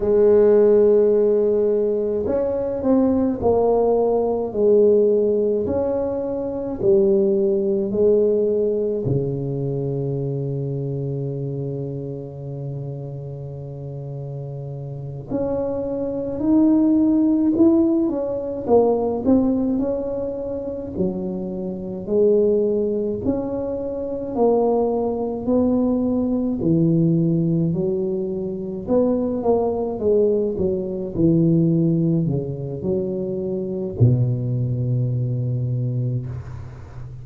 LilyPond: \new Staff \with { instrumentName = "tuba" } { \time 4/4 \tempo 4 = 53 gis2 cis'8 c'8 ais4 | gis4 cis'4 g4 gis4 | cis1~ | cis4. cis'4 dis'4 e'8 |
cis'8 ais8 c'8 cis'4 fis4 gis8~ | gis8 cis'4 ais4 b4 e8~ | e8 fis4 b8 ais8 gis8 fis8 e8~ | e8 cis8 fis4 b,2 | }